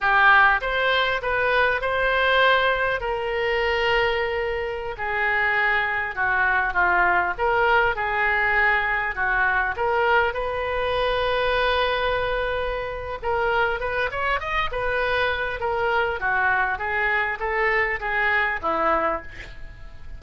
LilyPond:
\new Staff \with { instrumentName = "oboe" } { \time 4/4 \tempo 4 = 100 g'4 c''4 b'4 c''4~ | c''4 ais'2.~ | ais'16 gis'2 fis'4 f'8.~ | f'16 ais'4 gis'2 fis'8.~ |
fis'16 ais'4 b'2~ b'8.~ | b'2 ais'4 b'8 cis''8 | dis''8 b'4. ais'4 fis'4 | gis'4 a'4 gis'4 e'4 | }